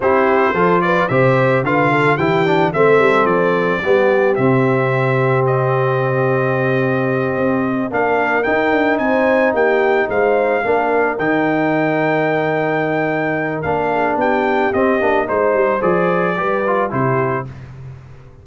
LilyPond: <<
  \new Staff \with { instrumentName = "trumpet" } { \time 4/4 \tempo 4 = 110 c''4. d''8 e''4 f''4 | g''4 e''4 d''2 | e''2 dis''2~ | dis''2~ dis''8 f''4 g''8~ |
g''8 gis''4 g''4 f''4.~ | f''8 g''2.~ g''8~ | g''4 f''4 g''4 dis''4 | c''4 d''2 c''4 | }
  \new Staff \with { instrumentName = "horn" } { \time 4/4 g'4 a'8 b'8 c''4 b'8 a'8 | g'4 a'2 g'4~ | g'1~ | g'2~ g'8 ais'4.~ |
ais'8 c''4 g'4 c''4 ais'8~ | ais'1~ | ais'4. gis'8 g'2 | c''2 b'4 g'4 | }
  \new Staff \with { instrumentName = "trombone" } { \time 4/4 e'4 f'4 g'4 f'4 | e'8 d'8 c'2 b4 | c'1~ | c'2~ c'8 d'4 dis'8~ |
dis'2.~ dis'8 d'8~ | d'8 dis'2.~ dis'8~ | dis'4 d'2 c'8 d'8 | dis'4 gis'4 g'8 f'8 e'4 | }
  \new Staff \with { instrumentName = "tuba" } { \time 4/4 c'4 f4 c4 d4 | e4 a8 g8 f4 g4 | c1~ | c4. c'4 ais4 dis'8 |
d'8 c'4 ais4 gis4 ais8~ | ais8 dis2.~ dis8~ | dis4 ais4 b4 c'8 ais8 | gis8 g8 f4 g4 c4 | }
>>